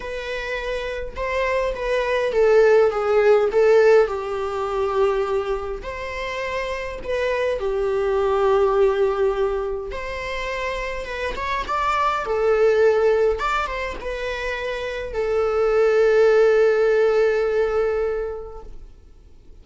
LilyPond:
\new Staff \with { instrumentName = "viola" } { \time 4/4 \tempo 4 = 103 b'2 c''4 b'4 | a'4 gis'4 a'4 g'4~ | g'2 c''2 | b'4 g'2.~ |
g'4 c''2 b'8 cis''8 | d''4 a'2 d''8 c''8 | b'2 a'2~ | a'1 | }